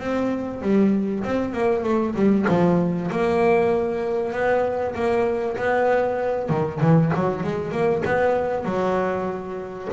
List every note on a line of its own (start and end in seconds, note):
0.00 0.62 C4
0.62 1.23 G3
1.24 1.53 C4
1.53 1.84 A#3
1.84 2.15 A3
2.15 2.46 G3
2.49 3.11 F3
3.11 4.33 A#3
4.33 4.95 B3
4.95 5.57 A#3
5.57 6.50 B3
6.50 6.81 D#3
6.81 7.12 E3
7.15 7.43 F#3
7.43 7.72 G#3
7.72 8.03 A#3
8.05 8.65 B3
8.65 9.89 F#3